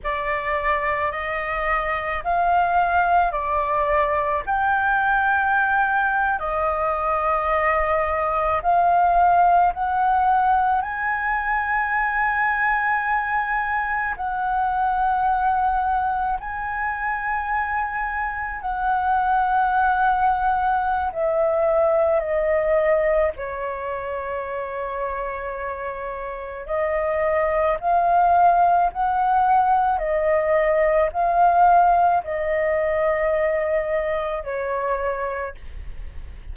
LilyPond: \new Staff \with { instrumentName = "flute" } { \time 4/4 \tempo 4 = 54 d''4 dis''4 f''4 d''4 | g''4.~ g''16 dis''2 f''16~ | f''8. fis''4 gis''2~ gis''16~ | gis''8. fis''2 gis''4~ gis''16~ |
gis''8. fis''2~ fis''16 e''4 | dis''4 cis''2. | dis''4 f''4 fis''4 dis''4 | f''4 dis''2 cis''4 | }